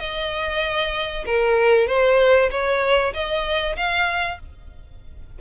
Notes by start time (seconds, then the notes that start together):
0.00 D#5
1.26 A#4
1.88 C5
2.51 C#5
3.14 D#5
3.77 F5